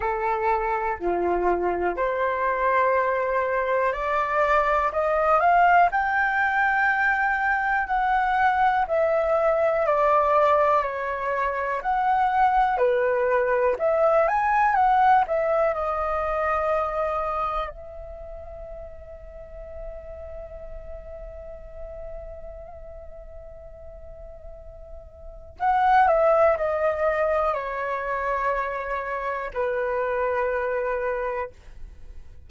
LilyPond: \new Staff \with { instrumentName = "flute" } { \time 4/4 \tempo 4 = 61 a'4 f'4 c''2 | d''4 dis''8 f''8 g''2 | fis''4 e''4 d''4 cis''4 | fis''4 b'4 e''8 gis''8 fis''8 e''8 |
dis''2 e''2~ | e''1~ | e''2 fis''8 e''8 dis''4 | cis''2 b'2 | }